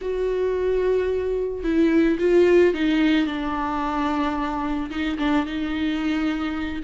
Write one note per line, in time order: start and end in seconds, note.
0.01 1.63 F#4
1.63 2.18 E4
2.19 2.73 F4
2.74 3.26 D#4
3.26 4.90 D4
4.90 5.17 D#4
5.18 5.45 D4
5.45 6.82 D#4